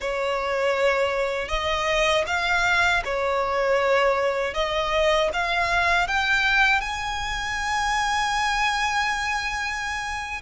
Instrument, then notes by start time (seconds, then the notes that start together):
violin
0.00 C#5
1.48 D#5
2.26 F5
3.04 C#5
4.54 D#5
5.33 F5
6.07 G5
6.80 G#5